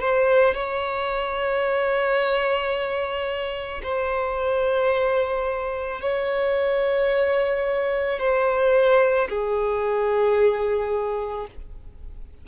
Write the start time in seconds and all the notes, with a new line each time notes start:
0.00 C5
0.54 C#5
3.83 C5
6.00 C#5
8.19 C5
9.28 G#4